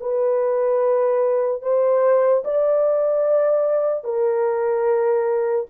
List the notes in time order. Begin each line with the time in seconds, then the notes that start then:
0.00 B4
1.62 C5
2.44 D5
4.04 A#4